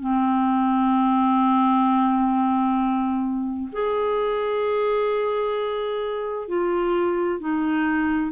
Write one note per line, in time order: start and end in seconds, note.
0.00 3.69 C4
3.72 6.48 G#4
6.48 7.40 F4
7.40 8.31 D#4